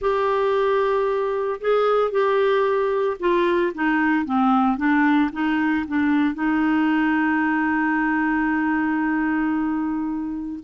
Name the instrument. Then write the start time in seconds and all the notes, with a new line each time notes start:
clarinet
0.01 G4
1.60 G#4
2.11 G4
3.19 F4
3.74 D#4
4.25 C4
4.77 D4
5.32 D#4
5.87 D4
6.34 D#4